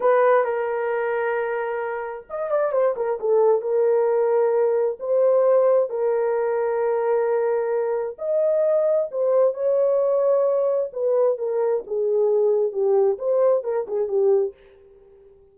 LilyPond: \new Staff \with { instrumentName = "horn" } { \time 4/4 \tempo 4 = 132 b'4 ais'2.~ | ais'4 dis''8 d''8 c''8 ais'8 a'4 | ais'2. c''4~ | c''4 ais'2.~ |
ais'2 dis''2 | c''4 cis''2. | b'4 ais'4 gis'2 | g'4 c''4 ais'8 gis'8 g'4 | }